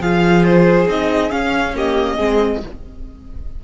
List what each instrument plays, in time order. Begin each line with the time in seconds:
0.00 cello F3, viola F4, violin G#4 F5
0.45 violin C5
0.88 cello C4, viola D#4, violin D#5
1.30 viola C#4, cello C#4, violin F5
1.75 viola A#3, violin G4 D#5
2.16 cello G#3, viola C4, violin G#4